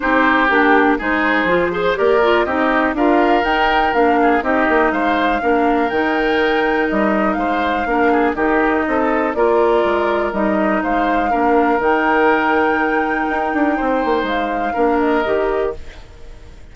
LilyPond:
<<
  \new Staff \with { instrumentName = "flute" } { \time 4/4 \tempo 4 = 122 c''4 g'4 c''2 | d''4 dis''4 f''4 g''4 | f''4 dis''4 f''2 | g''2 dis''4 f''4~ |
f''4 dis''2 d''4~ | d''4 dis''4 f''2 | g''1~ | g''4 f''4. dis''4. | }
  \new Staff \with { instrumentName = "oboe" } { \time 4/4 g'2 gis'4. c''8 | ais'4 g'4 ais'2~ | ais'8 gis'8 g'4 c''4 ais'4~ | ais'2. c''4 |
ais'8 gis'8 g'4 a'4 ais'4~ | ais'2 c''4 ais'4~ | ais'1 | c''2 ais'2 | }
  \new Staff \with { instrumentName = "clarinet" } { \time 4/4 dis'4 d'4 dis'4 f'8 gis'8 | g'8 f'8 dis'4 f'4 dis'4 | d'4 dis'2 d'4 | dis'1 |
d'4 dis'2 f'4~ | f'4 dis'2 d'4 | dis'1~ | dis'2 d'4 g'4 | }
  \new Staff \with { instrumentName = "bassoon" } { \time 4/4 c'4 ais4 gis4 f4 | ais4 c'4 d'4 dis'4 | ais4 c'8 ais8 gis4 ais4 | dis2 g4 gis4 |
ais4 dis4 c'4 ais4 | gis4 g4 gis4 ais4 | dis2. dis'8 d'8 | c'8 ais8 gis4 ais4 dis4 | }
>>